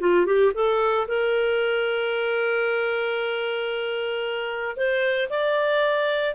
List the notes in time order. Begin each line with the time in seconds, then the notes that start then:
0.00 F4
0.26 G4
0.54 A4
1.07 A#4
4.76 C5
5.29 D5